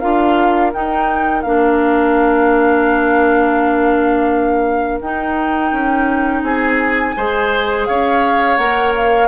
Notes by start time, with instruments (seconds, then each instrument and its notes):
0.00 bassoon D4, clarinet F4, oboe A#4, flute F5
0.74 clarinet D#4, bassoon D#4, flute G5
1.42 bassoon A#3, clarinet D4, flute F5
5.01 bassoon D#4, clarinet D#4, flute G5
5.72 bassoon C#4
6.43 bassoon C4, oboe G#4, flute G#5
7.17 bassoon G#3, clarinet G#4, oboe C5
7.86 bassoon C#4, oboe C#5, flute F5
8.57 bassoon A#3, clarinet A#4, flute F#5
8.96 flute F5